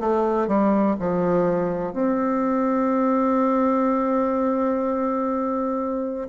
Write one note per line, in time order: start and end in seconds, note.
0.00 0.48 A3
0.48 0.96 G3
1.00 1.93 F3
1.93 6.29 C4